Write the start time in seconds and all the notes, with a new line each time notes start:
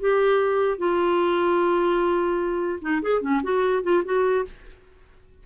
0.00 G4
0.79 F4
2.82 D#4
3.02 G#4
3.22 C#4
3.43 F#4
3.83 F4
4.05 F#4